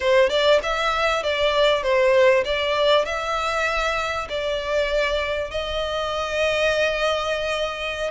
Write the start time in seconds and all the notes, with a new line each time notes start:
0.00 C5
0.29 D5
0.62 E5
1.23 D5
1.82 C5
2.44 D5
3.05 E5
4.29 D5
5.50 D#5